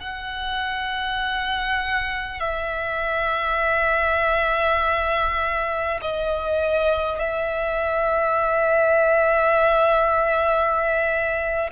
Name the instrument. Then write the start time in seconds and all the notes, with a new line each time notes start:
violin
0.00 F#5
2.40 E5
6.02 D#5
7.19 E5